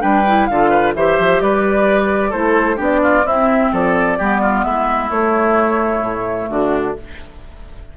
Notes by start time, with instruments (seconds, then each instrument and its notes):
0.00 bassoon G3, clarinet D4, oboe B4, flute G5
0.27 clarinet E4
0.46 bassoon D3, clarinet F4, oboe A4, flute F5
0.70 oboe B4
0.95 bassoon E3, clarinet G4, oboe C5, flute E5
1.19 bassoon F3
1.41 bassoon G3, oboe B4, flute D5
2.30 bassoon A3, clarinet E4, oboe A4, flute C5
2.76 bassoon B3, clarinet D4, oboe G4
2.84 flute D5
3.03 oboe F4
3.24 bassoon C4, clarinet C4, oboe E4, flute E5
3.72 bassoon F3, oboe A4, flute D5
4.18 bassoon G3, clarinet B3, oboe G4
4.42 oboe F4
4.64 bassoon G#3, oboe E4, flute E5
5.10 bassoon A3, clarinet A3, flute C#5
6.00 bassoon A2
6.50 bassoon D3, oboe D4, flute F#4